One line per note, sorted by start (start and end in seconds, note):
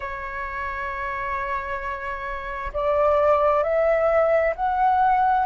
0.00 2.71 C#5
2.73 3.63 D5
3.63 4.54 E5
4.55 5.46 F#5